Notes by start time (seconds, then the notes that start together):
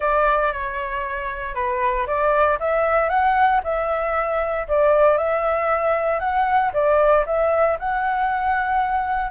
0.00 D5
0.52 C#5
1.54 B4
2.06 D5
2.59 E5
3.09 F#5
3.63 E5
4.68 D5
5.17 E5
6.19 F#5
6.73 D5
7.26 E5
7.79 F#5